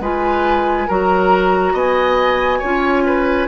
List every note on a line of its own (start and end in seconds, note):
0.00 0.87 G#3
0.00 0.89 F4
0.00 0.88 B4
0.00 0.90 G#5
0.88 1.73 F#3
0.88 2.63 F#4
0.88 1.73 A#4
0.88 1.76 A#5
1.73 2.60 B3
1.73 2.59 D#5
1.73 3.48 G#5
2.59 3.48 C#4
2.59 3.48 F4
2.59 3.03 C#5
3.06 3.48 B4